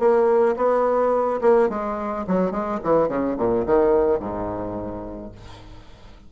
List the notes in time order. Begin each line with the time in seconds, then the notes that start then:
0.00 A#3
0.57 B3
1.42 A#3
1.70 G#3
2.28 F#3
2.52 G#3
2.84 E3
3.09 C#3
3.38 A#2
3.67 D#3
4.20 G#2